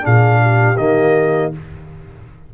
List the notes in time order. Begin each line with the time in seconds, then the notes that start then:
0.00 A#2 D4 G#4 F5
0.41 G4
0.77 D#3 A#3 D#5